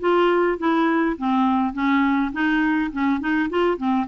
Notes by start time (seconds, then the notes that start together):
0.00 F4
0.59 E4
1.18 C4
1.73 C#4
2.33 D#4
2.92 C#4
3.20 D#4
3.50 F4
3.78 C4